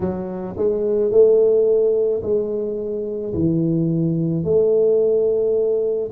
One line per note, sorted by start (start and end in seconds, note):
0.00 0.55 F#3
0.57 1.11 G#3
1.11 2.22 A3
2.22 3.33 G#3
3.33 4.44 E3
4.44 6.11 A3